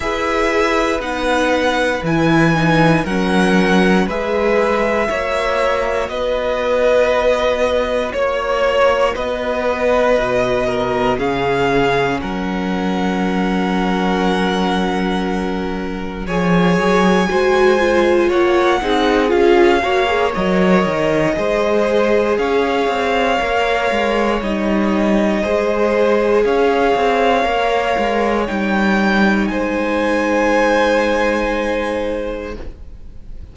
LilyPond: <<
  \new Staff \with { instrumentName = "violin" } { \time 4/4 \tempo 4 = 59 e''4 fis''4 gis''4 fis''4 | e''2 dis''2 | cis''4 dis''2 f''4 | fis''1 |
gis''2 fis''4 f''4 | dis''2 f''2 | dis''2 f''2 | g''4 gis''2. | }
  \new Staff \with { instrumentName = "violin" } { \time 4/4 b'2. ais'4 | b'4 cis''4 b'2 | cis''4 b'4. ais'8 gis'4 | ais'1 |
cis''4 c''4 cis''8 gis'4 cis''8~ | cis''4 c''4 cis''2~ | cis''4 c''4 cis''2~ | cis''4 c''2. | }
  \new Staff \with { instrumentName = "viola" } { \time 4/4 gis'4 dis'4 e'8 dis'8 cis'4 | gis'4 fis'2.~ | fis'2. cis'4~ | cis'1 |
gis'4 fis'8 f'4 dis'8 f'8 fis'16 gis'16 | ais'4 gis'2 ais'4 | dis'4 gis'2 ais'4 | dis'1 | }
  \new Staff \with { instrumentName = "cello" } { \time 4/4 e'4 b4 e4 fis4 | gis4 ais4 b2 | ais4 b4 b,4 cis4 | fis1 |
f8 fis8 gis4 ais8 c'8 cis'8 ais8 | fis8 dis8 gis4 cis'8 c'8 ais8 gis8 | g4 gis4 cis'8 c'8 ais8 gis8 | g4 gis2. | }
>>